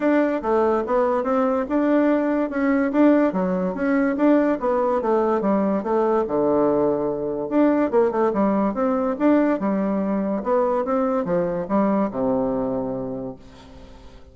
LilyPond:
\new Staff \with { instrumentName = "bassoon" } { \time 4/4 \tempo 4 = 144 d'4 a4 b4 c'4 | d'2 cis'4 d'4 | fis4 cis'4 d'4 b4 | a4 g4 a4 d4~ |
d2 d'4 ais8 a8 | g4 c'4 d'4 g4~ | g4 b4 c'4 f4 | g4 c2. | }